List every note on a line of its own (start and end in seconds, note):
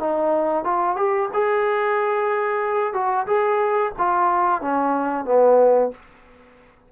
0.00 0.65 D#4
0.65 0.97 F4
0.97 1.29 G4
1.34 2.94 G#4
2.94 3.27 F#4
3.27 3.93 G#4
3.98 4.62 F4
4.62 5.25 C#4
5.25 5.91 B3